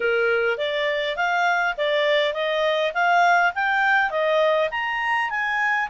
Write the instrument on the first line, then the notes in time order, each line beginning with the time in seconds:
clarinet
0.00 A#4
0.57 D5
1.16 F5
1.77 D5
2.33 D#5
2.94 F5
3.54 G5
4.10 D#5
4.71 A#5
5.29 G#5